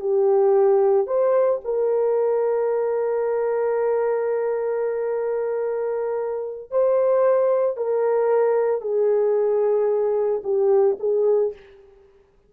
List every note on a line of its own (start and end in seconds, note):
0.00 1.07 G4
1.07 1.60 C5
1.64 6.71 A#4
6.71 7.77 C5
7.77 8.81 A#4
8.81 10.41 G#4
10.43 10.97 G4
10.99 11.53 G#4